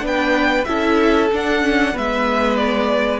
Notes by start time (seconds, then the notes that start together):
0.00 B3 D4 B4
0.06 G5
0.64 C#4 E4 A4 E5
1.32 D4 F#5
1.61 C#4
1.93 G#3 B3 B4 E5
2.56 D5